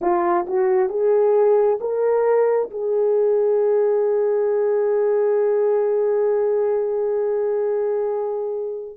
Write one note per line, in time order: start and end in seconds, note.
0.01 0.46 F4
0.47 0.89 F#4
0.89 1.79 G#4
1.80 2.69 A#4
2.70 8.97 G#4